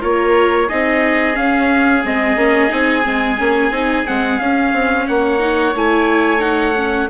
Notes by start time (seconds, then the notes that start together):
0.00 A#3 F4 A#4 C#5
0.68 C4 D#4 G#4 D#5
1.34 C#4 F5
2.04 G#3 C4 D#5
2.36 A#3 C#4
2.68 C4 D#4 G#5
3.02 G#3 C4
3.37 A#3 C#4
3.70 C4 D#4
4.05 G#3 C4 F#5
4.39 C#4 F5
4.72 C4
5.07 A#3 C#5 F#5
5.39 D#4
5.75 A3 E4 G#5
6.39 D#4 F#5
6.75 C#4